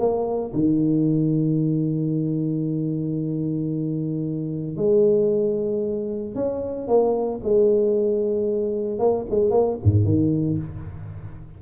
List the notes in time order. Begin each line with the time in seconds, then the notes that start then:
0.00 A#3
0.54 D#3
4.77 G#3
6.36 C#4
6.88 A#3
7.44 G#3
8.99 A#3
9.31 G#3
9.51 A#3
9.84 G#2
10.05 D#3